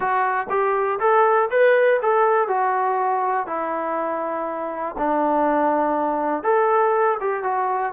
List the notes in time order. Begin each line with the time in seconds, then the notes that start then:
0.00 F#4
0.49 G4
0.99 A4
1.50 B4
2.02 A4
2.47 F#4
3.47 E4
4.98 D4
6.43 A4
7.20 G4
7.43 F#4